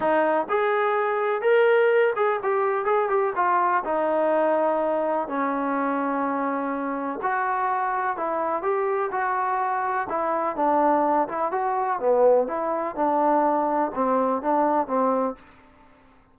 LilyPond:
\new Staff \with { instrumentName = "trombone" } { \time 4/4 \tempo 4 = 125 dis'4 gis'2 ais'4~ | ais'8 gis'8 g'4 gis'8 g'8 f'4 | dis'2. cis'4~ | cis'2. fis'4~ |
fis'4 e'4 g'4 fis'4~ | fis'4 e'4 d'4. e'8 | fis'4 b4 e'4 d'4~ | d'4 c'4 d'4 c'4 | }